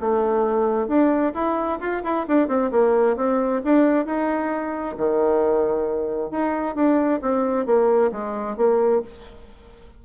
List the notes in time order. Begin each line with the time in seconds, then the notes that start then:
0.00 A3
0.87 D4
1.34 E4
1.80 F4
2.03 E4
2.27 D4
2.48 C4
2.71 A#3
3.16 C4
3.64 D4
4.05 D#4
4.97 D#3
6.31 D#4
6.75 D4
7.21 C4
7.66 A#3
8.11 G#3
8.57 A#3